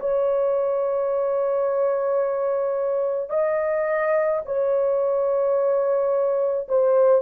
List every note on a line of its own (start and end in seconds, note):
0.00 3.30 C#5
3.30 4.41 D#5
4.45 6.67 C#5
6.68 7.22 C5